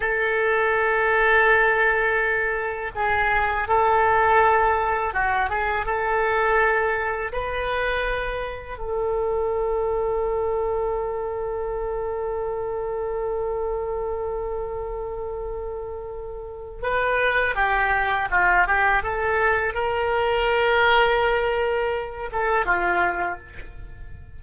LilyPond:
\new Staff \with { instrumentName = "oboe" } { \time 4/4 \tempo 4 = 82 a'1 | gis'4 a'2 fis'8 gis'8 | a'2 b'2 | a'1~ |
a'1~ | a'2. b'4 | g'4 f'8 g'8 a'4 ais'4~ | ais'2~ ais'8 a'8 f'4 | }